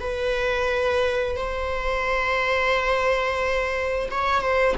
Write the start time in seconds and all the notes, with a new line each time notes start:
0.00 B4
1.36 C5
4.11 C#5
4.41 C5